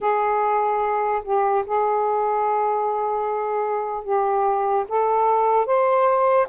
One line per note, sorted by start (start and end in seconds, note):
0.00 1.22 G#4
1.24 1.64 G4
1.65 4.04 G#4
4.04 4.85 G4
4.88 5.66 A4
5.66 6.47 C5